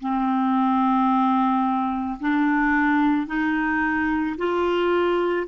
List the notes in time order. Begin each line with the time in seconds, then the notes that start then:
0.00 C4
2.20 D4
3.26 D#4
4.37 F4